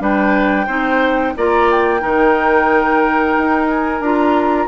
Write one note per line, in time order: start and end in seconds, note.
0.00 0.67 G3
0.00 0.67 D4
0.00 0.67 B4
0.00 1.36 G5
0.67 1.34 C4
0.67 1.35 D#4
0.67 1.33 C5
1.37 2.03 A#3
1.37 2.00 F4
1.37 2.01 D5
1.37 1.70 A#5
1.71 3.69 G5
2.00 3.36 D#3
2.00 4.00 D#4
2.00 4.68 A#4
3.37 4.00 D#4
3.69 4.01 G#5
4.00 4.67 D4
4.00 4.68 F4
4.00 4.68 A#5